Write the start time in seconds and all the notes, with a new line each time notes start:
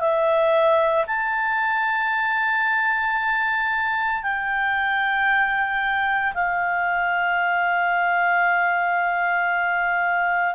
0.00 E5
1.07 A5
4.22 G5
6.34 F5